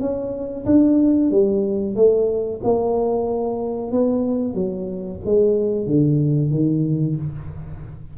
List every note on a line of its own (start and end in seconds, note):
0.00 0.65 C#4
0.66 1.31 D4
1.31 1.96 G3
1.96 2.61 A3
2.64 3.92 A#3
3.92 4.55 B3
4.55 5.20 F#3
5.25 5.87 G#3
5.87 6.51 D3
6.51 7.16 D#3